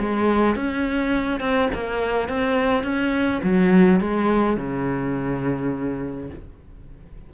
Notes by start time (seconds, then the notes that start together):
0.00 G#3
0.56 C#4
1.41 C4
1.74 A#3
2.29 C4
2.84 C#4
3.43 F#3
4.01 G#3
4.57 C#3